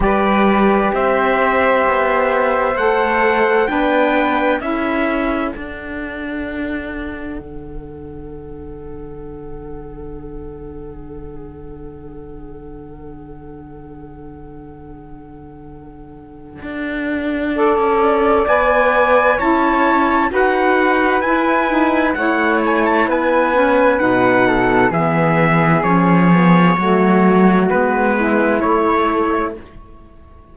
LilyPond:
<<
  \new Staff \with { instrumentName = "trumpet" } { \time 4/4 \tempo 4 = 65 d''4 e''2 fis''4 | g''4 e''4 fis''2~ | fis''1~ | fis''1~ |
fis''1 | gis''4 a''4 fis''4 gis''4 | fis''8 gis''16 a''16 gis''4 fis''4 e''4 | cis''2 b'4 cis''4 | }
  \new Staff \with { instrumentName = "flute" } { \time 4/4 b'4 c''2. | b'4 a'2.~ | a'1~ | a'1~ |
a'2. d''4~ | d''4 cis''4 b'2 | cis''4 b'4. a'8 gis'4~ | gis'4 fis'4. e'4. | }
  \new Staff \with { instrumentName = "saxophone" } { \time 4/4 g'2. a'4 | d'4 e'4 d'2~ | d'1~ | d'1~ |
d'2. a'4 | b'4 e'4 fis'4 e'8 dis'8 | e'4. cis'8 dis'4 b4 | cis'8 b8 a4 b4 a4 | }
  \new Staff \with { instrumentName = "cello" } { \time 4/4 g4 c'4 b4 a4 | b4 cis'4 d'2 | d1~ | d1~ |
d2 d'4~ d'16 cis'8. | b4 cis'4 dis'4 e'4 | a4 b4 b,4 e4 | f4 fis4 gis4 a4 | }
>>